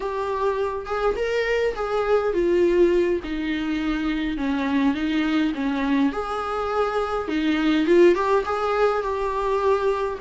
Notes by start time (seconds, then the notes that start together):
0.00 G4
0.86 G#4
1.16 A#4
1.75 G#4
2.33 F4
3.23 D#4
4.37 C#4
4.94 D#4
5.54 C#4
6.12 G#4
7.28 D#4
7.86 F4
8.14 G4
8.45 G#4
9.02 G4